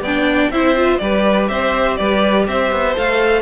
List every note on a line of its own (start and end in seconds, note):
0.00 0.49 B3
0.00 0.52 D4
0.00 0.51 D5
0.00 0.51 G5
0.50 0.99 C4
0.50 0.76 E4
0.50 1.01 C5
0.50 0.98 E5
0.76 1.00 F4
0.98 1.49 G3
0.98 2.94 G4
0.98 1.49 B4
0.98 1.47 D5
1.48 1.98 C4
1.48 1.98 C5
1.48 1.97 E5
1.97 2.47 G3
1.97 2.47 B4
1.97 2.45 D5
2.47 2.71 C4
2.47 3.42 C5
2.47 2.97 E5
2.71 2.96 B3
2.94 3.42 A3
2.94 3.42 A4
2.94 3.42 F5